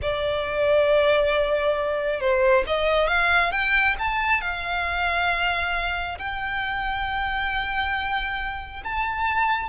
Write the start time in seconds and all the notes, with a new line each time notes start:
0.02 D5
2.20 C5
2.66 D#5
3.07 F5
3.51 G5
3.98 A5
4.41 F5
6.18 G5
8.84 A5